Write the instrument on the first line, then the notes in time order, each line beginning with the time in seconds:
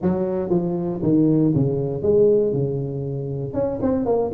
tuba
0.01 F#3
0.49 F3
1.02 D#3
1.55 C#3
2.02 G#3
2.53 C#3
3.53 C#4
3.82 C4
4.05 A#3